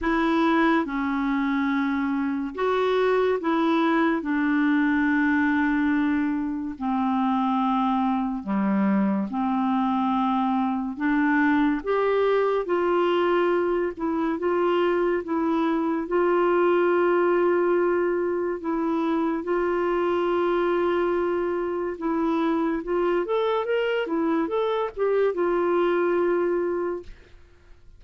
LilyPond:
\new Staff \with { instrumentName = "clarinet" } { \time 4/4 \tempo 4 = 71 e'4 cis'2 fis'4 | e'4 d'2. | c'2 g4 c'4~ | c'4 d'4 g'4 f'4~ |
f'8 e'8 f'4 e'4 f'4~ | f'2 e'4 f'4~ | f'2 e'4 f'8 a'8 | ais'8 e'8 a'8 g'8 f'2 | }